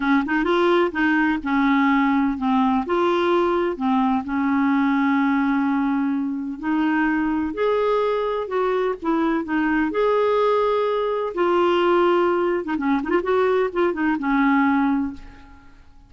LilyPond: \new Staff \with { instrumentName = "clarinet" } { \time 4/4 \tempo 4 = 127 cis'8 dis'8 f'4 dis'4 cis'4~ | cis'4 c'4 f'2 | c'4 cis'2.~ | cis'2 dis'2 |
gis'2 fis'4 e'4 | dis'4 gis'2. | f'2~ f'8. dis'16 cis'8 dis'16 f'16 | fis'4 f'8 dis'8 cis'2 | }